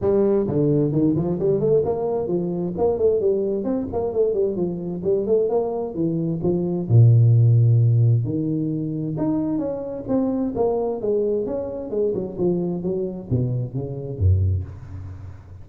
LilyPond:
\new Staff \with { instrumentName = "tuba" } { \time 4/4 \tempo 4 = 131 g4 d4 dis8 f8 g8 a8 | ais4 f4 ais8 a8 g4 | c'8 ais8 a8 g8 f4 g8 a8 | ais4 e4 f4 ais,4~ |
ais,2 dis2 | dis'4 cis'4 c'4 ais4 | gis4 cis'4 gis8 fis8 f4 | fis4 b,4 cis4 fis,4 | }